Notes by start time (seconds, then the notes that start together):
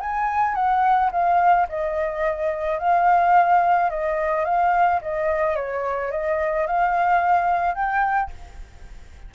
0.00 G#5
0.55 F#5
1.12 F5
1.69 D#5
2.79 F5
3.90 D#5
4.45 F5
5.02 D#5
5.56 C#5
6.11 D#5
6.67 F5
7.75 G5